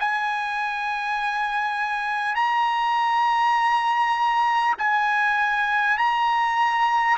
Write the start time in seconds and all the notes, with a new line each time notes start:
0.00 G#5
2.36 A#5
4.79 G#5
5.98 A#5